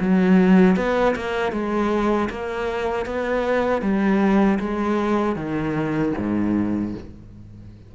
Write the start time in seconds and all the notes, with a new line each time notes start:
0.00 F#3
0.76 B3
1.15 A#3
1.52 G#3
2.29 A#3
3.05 B3
3.81 G3
4.59 G#3
5.36 D#3
6.17 G#2